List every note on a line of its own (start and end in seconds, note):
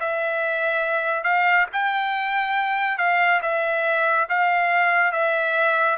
0.00 1.24 E5
1.24 1.66 F5
1.73 2.98 G5
2.98 3.41 F5
3.42 4.28 E5
4.29 5.12 F5
5.12 5.98 E5